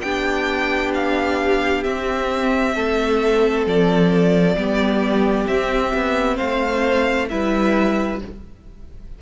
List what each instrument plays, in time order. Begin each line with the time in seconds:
0.00 cello B3, viola D4, violin G4 G5
0.94 violin F5
1.83 cello C4, viola C4, violin E5
2.74 cello A3, violin A4
3.66 cello F3, violin D5
4.55 cello G3, viola B3, violin G4
5.47 cello C4, viola C4, violin E5
5.94 cello B3
6.36 cello A3, violin C5 F5
7.28 cello G3, viola E4, violin B4 E5